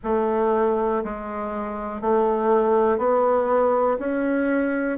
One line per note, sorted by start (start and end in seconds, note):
0.03 1.03 A3
1.04 2.00 G#3
2.00 2.97 A3
2.97 3.98 B3
3.98 4.98 C#4